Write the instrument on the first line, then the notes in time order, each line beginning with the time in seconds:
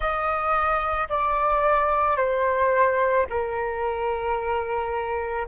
flute
0.00 D#5
1.09 D5
2.16 C5
3.29 A#4